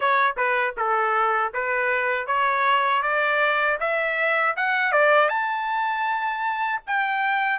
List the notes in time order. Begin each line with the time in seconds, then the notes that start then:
0.00 C#5
0.36 B4
0.77 A4
1.53 B4
2.26 C#5
3.02 D5
3.79 E5
4.56 F#5
4.92 D5
5.28 A5
6.87 G5